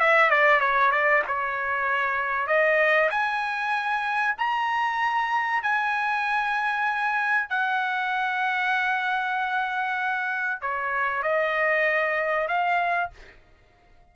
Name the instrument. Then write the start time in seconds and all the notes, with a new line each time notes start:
trumpet
0.00 E5
0.30 D5
0.60 C#5
0.91 D5
1.28 C#5
2.47 D#5
3.10 G#5
4.38 A#5
5.62 G#5
7.49 F#5
10.61 C#5
11.23 D#5
12.48 F5